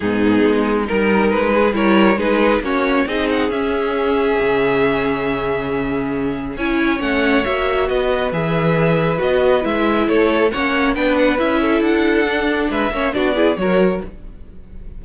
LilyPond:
<<
  \new Staff \with { instrumentName = "violin" } { \time 4/4 \tempo 4 = 137 gis'2 ais'4 b'4 | cis''4 b'4 cis''4 dis''8 fis''8 | e''1~ | e''2. gis''4 |
fis''4 e''4 dis''4 e''4~ | e''4 dis''4 e''4 cis''4 | fis''4 g''8 fis''8 e''4 fis''4~ | fis''4 e''4 d''4 cis''4 | }
  \new Staff \with { instrumentName = "violin" } { \time 4/4 dis'2 ais'4. gis'8 | ais'4 gis'4 fis'4 gis'4~ | gis'1~ | gis'2. cis''4~ |
cis''2 b'2~ | b'2. a'4 | cis''4 b'4. a'4.~ | a'4 b'8 cis''8 fis'8 gis'8 ais'4 | }
  \new Staff \with { instrumentName = "viola" } { \time 4/4 b2 dis'2 | e'4 dis'4 cis'4 dis'4 | cis'1~ | cis'2. e'4 |
cis'4 fis'2 gis'4~ | gis'4 fis'4 e'2 | cis'4 d'4 e'2 | d'4. cis'8 d'8 e'8 fis'4 | }
  \new Staff \with { instrumentName = "cello" } { \time 4/4 gis,4 gis4 g4 gis4 | g4 gis4 ais4 c'4 | cis'2 cis2~ | cis2. cis'4 |
a4 ais4 b4 e4~ | e4 b4 gis4 a4 | ais4 b4 cis'4 d'4~ | d'4 gis8 ais8 b4 fis4 | }
>>